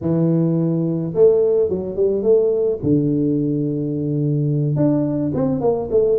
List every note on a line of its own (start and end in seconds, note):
0.01 1.13 E3
1.14 1.69 A3
1.69 1.95 F#3
1.95 2.23 G3
2.23 2.79 A3
2.82 4.76 D3
4.76 5.32 D4
5.34 5.60 C4
5.60 5.89 A#3
5.90 6.18 A3